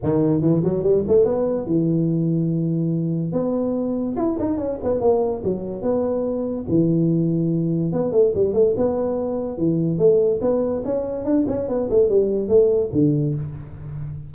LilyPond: \new Staff \with { instrumentName = "tuba" } { \time 4/4 \tempo 4 = 144 dis4 e8 fis8 g8 a8 b4 | e1 | b2 e'8 dis'8 cis'8 b8 | ais4 fis4 b2 |
e2. b8 a8 | g8 a8 b2 e4 | a4 b4 cis'4 d'8 cis'8 | b8 a8 g4 a4 d4 | }